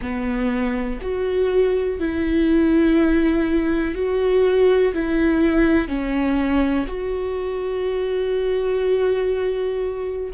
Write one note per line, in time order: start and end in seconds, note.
0.01 1.00 B3
1.01 1.99 F#4
1.99 3.94 E4
3.94 4.93 F#4
4.93 5.87 E4
5.87 6.86 C#4
6.87 10.31 F#4